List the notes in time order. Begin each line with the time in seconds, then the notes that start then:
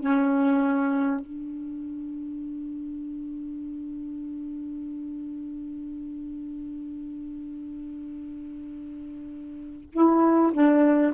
0.00 C#4
1.19 D4
9.92 E4
10.53 D4